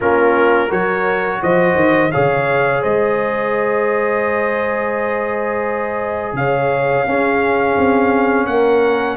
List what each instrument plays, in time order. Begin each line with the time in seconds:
0.00 tuba A#3, trombone C#4, horn F4, trumpet A#4
0.67 tuba F#3, trombone F#4, horn A#4, trumpet C#5
1.42 tuba F3, horn C5, trumpet D#5
1.74 tuba D#3
2.11 tuba C#3, trombone G#4, horn C#5, trumpet F5
2.82 tuba G#3, horn C5, trumpet D#5
6.33 tuba C#3, horn C#5, trumpet F5
7.06 tuba C#4, trombone C#4, horn G#4
7.76 tuba C4
8.46 tuba A#3, horn A#4, trumpet F#5